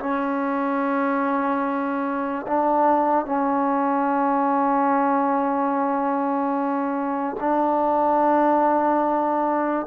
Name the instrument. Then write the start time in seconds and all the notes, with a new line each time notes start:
trombone
0.00 C#4
2.47 D4
3.26 C#4
7.40 D4